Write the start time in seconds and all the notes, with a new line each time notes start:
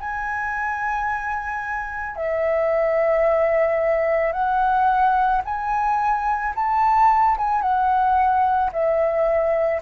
0.00 G#5
2.17 E5
4.33 F#5
5.45 G#5
6.56 A5
7.38 G#5
7.62 F#5
8.73 E5